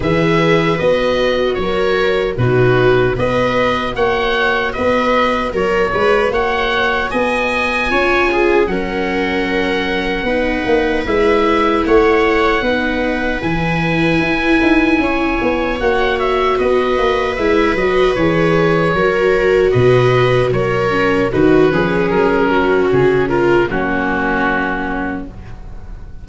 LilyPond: <<
  \new Staff \with { instrumentName = "oboe" } { \time 4/4 \tempo 4 = 76 e''4 dis''4 cis''4 b'4 | dis''4 fis''4 dis''4 cis''4 | fis''4 gis''2 fis''4~ | fis''2 e''4 fis''4~ |
fis''4 gis''2. | fis''8 e''8 dis''4 e''8 dis''8 cis''4~ | cis''4 dis''4 cis''4 b'4 | ais'4 gis'8 ais'8 fis'2 | }
  \new Staff \with { instrumentName = "viola" } { \time 4/4 b'2 ais'4 fis'4 | b'4 cis''4 b'4 ais'8 b'8 | cis''4 dis''4 cis''8 gis'8 ais'4~ | ais'4 b'2 cis''4 |
b'2. cis''4~ | cis''4 b'2. | ais'4 b'4 ais'4 fis'8 gis'8~ | gis'8 fis'4 f'8 cis'2 | }
  \new Staff \with { instrumentName = "viola" } { \time 4/4 gis'4 fis'2 dis'4 | fis'1~ | fis'2 f'4 cis'4~ | cis'4 dis'4 e'2 |
dis'4 e'2. | fis'2 e'8 fis'8 gis'4 | fis'2~ fis'8 cis'8 dis'8 cis'8~ | cis'2 ais2 | }
  \new Staff \with { instrumentName = "tuba" } { \time 4/4 e4 b4 fis4 b,4 | b4 ais4 b4 fis8 gis8 | ais4 b4 cis'4 fis4~ | fis4 b8 ais8 gis4 a4 |
b4 e4 e'8 dis'8 cis'8 b8 | ais4 b8 ais8 gis8 fis8 e4 | fis4 b,4 fis4 dis8 f8 | fis4 cis4 fis2 | }
>>